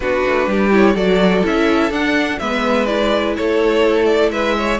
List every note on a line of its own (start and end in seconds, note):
0.00 0.23 B3
0.00 0.71 D4
0.00 0.49 F#4
0.00 0.72 B4
0.26 0.47 A3
0.47 0.95 G3
0.47 0.94 G4
0.71 0.95 E4
0.71 0.96 C#5
0.94 1.43 F#3
0.94 1.42 F#4
0.94 2.38 A4
0.94 1.44 D5
1.42 1.90 C#4
1.42 1.90 E4
1.42 1.92 E5
1.90 2.38 D4
1.90 2.39 D4
1.90 2.38 F#5
2.38 3.37 G#3
2.38 2.86 B3
2.38 3.36 B4
2.38 2.86 E5
2.86 4.78 E4
2.86 3.34 D5
3.36 4.31 A3
3.36 4.32 A4
3.36 4.05 C#5
4.05 4.29 D5
4.31 4.79 G#3
4.31 4.56 B4
4.31 4.79 E5
4.56 4.79 C#5